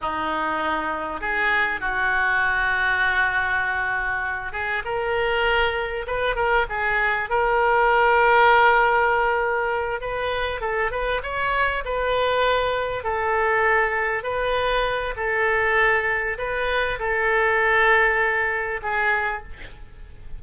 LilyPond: \new Staff \with { instrumentName = "oboe" } { \time 4/4 \tempo 4 = 99 dis'2 gis'4 fis'4~ | fis'2.~ fis'8 gis'8 | ais'2 b'8 ais'8 gis'4 | ais'1~ |
ais'8 b'4 a'8 b'8 cis''4 b'8~ | b'4. a'2 b'8~ | b'4 a'2 b'4 | a'2. gis'4 | }